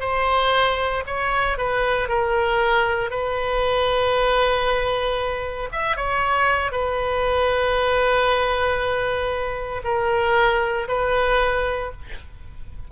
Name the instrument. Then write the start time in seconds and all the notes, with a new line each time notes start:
oboe
0.00 C5
1.06 C#5
1.58 B4
2.08 A#4
3.10 B4
5.72 E5
5.96 C#5
6.71 B4
9.84 A#4
10.88 B4